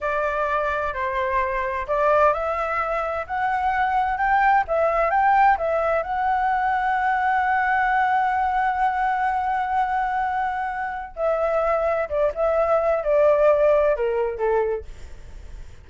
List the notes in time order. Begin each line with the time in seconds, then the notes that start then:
0.01 D5
0.93 C5
1.87 D5
2.33 E5
3.26 F#5
4.17 G5
4.67 E5
5.10 G5
5.57 E5
6.03 F#5
11.15 E5
12.09 D5
12.34 E5
13.03 D5
13.96 A#4
14.38 A4